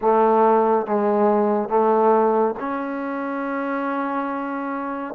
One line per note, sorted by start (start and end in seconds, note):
0.01 0.86 A3
0.86 1.69 G#3
1.69 2.54 A3
2.59 5.14 C#4